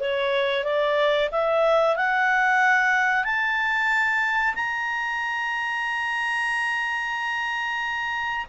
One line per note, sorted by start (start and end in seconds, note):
0.00 0.64 C#5
0.64 1.30 D5
1.31 1.96 E5
1.96 3.24 F#5
3.24 4.54 A5
4.55 8.46 A#5